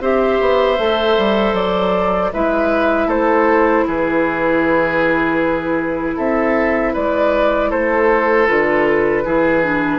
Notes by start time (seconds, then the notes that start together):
0.00 C4 G4 C5 E5
0.40 B3
0.78 A3 A4
1.17 G3
1.53 F#3 D5
2.33 G#3 E4 B4 E5
3.06 A3 A4 C5
3.87 E3 G#4 B4
6.16 C4 A4 E5
6.93 G#3 B4 D5
7.70 A3 A4 C5
8.46 D3 F4 B4
9.24 E3 E4 G#4
9.63 D4